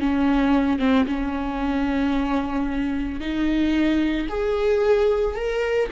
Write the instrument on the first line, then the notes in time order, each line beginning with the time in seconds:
viola
0.00 C#4
0.79 C4
1.07 C#4
3.21 D#4
4.29 G#4
5.36 A#4